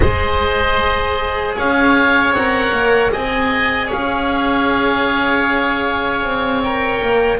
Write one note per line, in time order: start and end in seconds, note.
0.00 1.56 G#3
0.00 2.35 G#4
0.00 1.56 C5
0.00 1.52 D#5
1.56 2.31 C#4
1.56 3.12 C#5
1.56 2.34 F5
2.31 2.70 C4
2.31 3.12 F#5
2.37 3.12 A#4
2.72 3.11 A#3
3.12 3.91 C4
3.12 6.63 G#4
3.12 3.87 D#5
3.12 3.91 G#5
3.87 7.37 C#5
3.87 6.63 F5
3.93 6.23 C#4
6.23 7.01 C4
6.63 7.39 A#4
6.63 7.39 G5
7.01 7.39 A#3